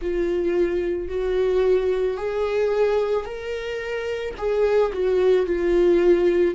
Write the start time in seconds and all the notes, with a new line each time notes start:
0.01 F4
1.08 F#4
2.17 G#4
3.25 A#4
4.37 G#4
4.92 F#4
5.45 F4